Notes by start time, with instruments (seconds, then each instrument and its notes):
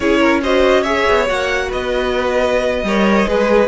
0.00 cello C#4, viola E4, violin G#4 C#5
0.19 violin A#4
0.42 viola F#4, violin C5 D#5
0.82 viola G#4, violin C#5 E5
1.08 cello B3
1.26 cello A#3, viola F#4, violin F#5
1.68 cello B3, violin B4 D#5
2.83 cello G3, viola A#4, violin C#5
3.27 cello G#3, viola G#4, violin B4